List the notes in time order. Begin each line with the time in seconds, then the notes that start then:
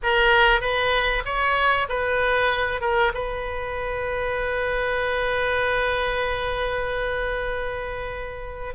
0.03 A#4
0.60 B4
1.25 C#5
1.89 B4
2.81 A#4
3.13 B4